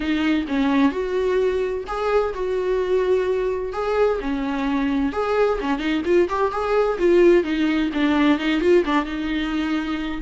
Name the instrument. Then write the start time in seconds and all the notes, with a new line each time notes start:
viola
0.00 D#4
0.48 C#4
0.91 F#4
1.87 G#4
2.34 F#4
3.72 G#4
4.20 C#4
5.12 G#4
5.60 C#4
5.78 D#4
6.05 F4
6.29 G4
6.51 G#4
6.98 F4
7.43 D#4
7.93 D4
8.38 D#4
8.60 F4
8.85 D4
9.05 D#4